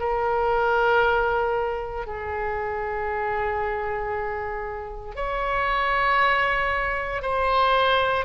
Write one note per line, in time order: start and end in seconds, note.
0.00 2.07 A#4
2.07 5.16 G#4
5.16 7.23 C#5
7.23 8.26 C5